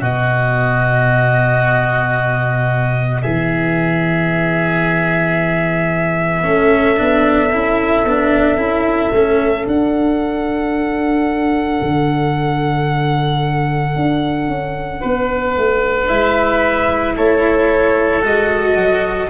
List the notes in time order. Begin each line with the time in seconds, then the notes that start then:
0.00 B2 B3 F#4 D#5
3.22 E3 G#4 E5
6.43 A3 C#4 A4
6.97 B3 D4
7.52 C#4 E4
8.05 B3 D4
8.57 C#4 E4
9.12 A3 C#4
9.66 D4 F#5
11.81 D3
13.95 D4
14.48 C#4
15.00 B3 B4
15.57 A3
16.08 G#3 E4 E5
17.16 A3 A4 C#5
18.21 G#3 F#4 D#5
18.75 F#3